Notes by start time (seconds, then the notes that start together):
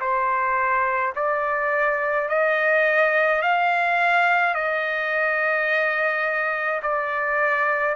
0.00 C5
1.15 D5
2.28 D#5
3.42 F5
4.54 D#5
6.82 D5